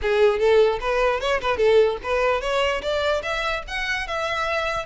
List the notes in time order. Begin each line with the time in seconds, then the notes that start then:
0.02 G#4
0.39 A4
0.80 B4
1.20 C#5
1.41 B4
1.57 A4
2.03 B4
2.41 C#5
2.82 D5
3.22 E5
3.67 F#5
4.07 E5